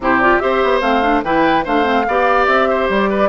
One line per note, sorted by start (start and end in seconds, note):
0.00 0.37 C3
0.00 0.22 E4
0.00 0.42 G4
0.00 0.20 C5
0.20 0.40 F4
0.20 0.39 D5
0.39 0.63 C4
0.39 0.81 G4
0.39 1.24 C5
0.39 0.80 E5
0.63 0.81 B3
0.81 1.22 A3
0.81 1.02 C4
0.81 1.22 F5
1.02 1.23 D4
1.23 1.65 E3
1.23 1.65 E4
1.23 1.64 B4
1.23 1.65 G5
1.64 2.07 A3
1.64 1.83 D4
1.64 2.05 C5
1.64 2.46 F5
1.83 2.04 C4
2.07 2.47 B3
2.07 3.29 G4
2.07 2.69 D5
2.46 2.88 C4
2.46 2.87 E5
2.69 3.09 C5
2.89 3.29 G3
2.89 3.29 D5
3.09 3.29 B4